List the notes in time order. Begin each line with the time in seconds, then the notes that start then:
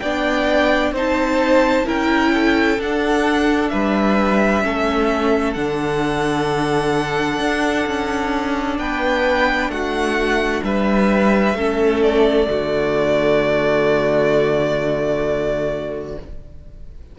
0.00 B3 D4 D5 G5
0.92 C4 D#4 C5 A5
1.85 C#4 E4 A#4 G5
2.34 A4
2.78 D4 F#5
3.69 G3 B4 E5
4.62 A3 C#4 A4
5.54 D3 D4 F#5
7.40 D4
7.86 C#4
8.79 B3 B4 G5
9.69 A3 F#4 F#5
10.63 G3 B4 E5
11.54 A3 C#4 A4
12.03 D5
12.46 D3 A3 F#4